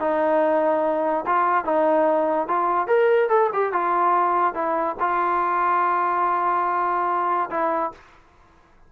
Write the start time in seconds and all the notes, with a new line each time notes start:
0.00 D#4
1.26 F4
1.65 D#4
2.48 F4
2.87 A#4
3.29 A4
3.53 G4
3.73 F4
4.54 E4
5.00 F4
7.50 E4